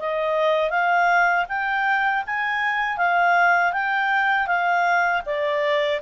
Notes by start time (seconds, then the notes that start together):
0.00 D#5
0.71 F5
1.49 G5
2.27 G#5
2.98 F5
3.73 G5
4.48 F5
5.26 D5